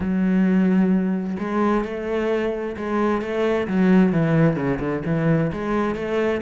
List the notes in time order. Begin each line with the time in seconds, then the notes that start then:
0.00 F#3
1.39 G#3
1.84 A3
2.76 G#3
3.21 A3
3.67 F#3
4.12 E3
4.56 C#3
4.79 D3
5.05 E3
5.52 G#3
5.95 A3